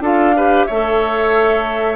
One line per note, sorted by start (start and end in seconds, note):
0.00 0.66 D4
0.00 0.34 F4
0.00 0.35 A4
0.00 0.64 F5
0.36 0.69 G4
0.36 0.66 B4
0.64 1.95 A3
0.64 1.95 C#5
0.64 1.95 E5
0.72 1.95 A4